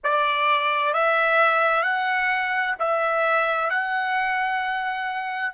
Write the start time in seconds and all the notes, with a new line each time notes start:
0.03 D5
0.93 E5
1.82 F#5
2.79 E5
3.70 F#5